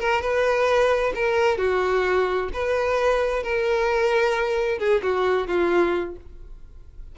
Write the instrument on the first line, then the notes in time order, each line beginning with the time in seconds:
violin
0.00 A#4
0.22 B4
1.15 A#4
1.58 F#4
2.54 B4
3.43 A#4
4.79 G#4
5.03 F#4
5.48 F4